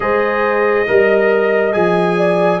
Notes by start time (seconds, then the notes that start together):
0.00 G#3 G#4 C5 D#5
0.87 G3 A#4 D#5
1.72 F3 G#4 G#5
2.17 D5